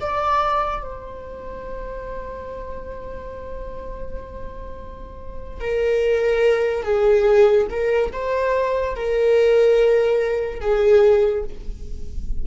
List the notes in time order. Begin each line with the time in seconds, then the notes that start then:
0.00 D5
0.83 C5
5.60 A#4
6.83 G#4
7.70 A#4
8.12 C5
8.95 A#4
10.61 G#4